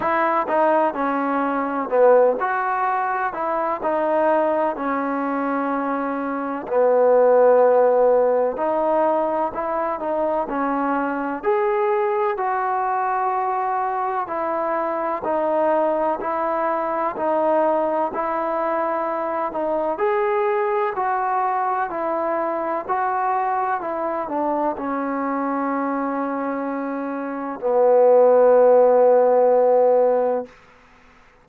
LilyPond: \new Staff \with { instrumentName = "trombone" } { \time 4/4 \tempo 4 = 63 e'8 dis'8 cis'4 b8 fis'4 e'8 | dis'4 cis'2 b4~ | b4 dis'4 e'8 dis'8 cis'4 | gis'4 fis'2 e'4 |
dis'4 e'4 dis'4 e'4~ | e'8 dis'8 gis'4 fis'4 e'4 | fis'4 e'8 d'8 cis'2~ | cis'4 b2. | }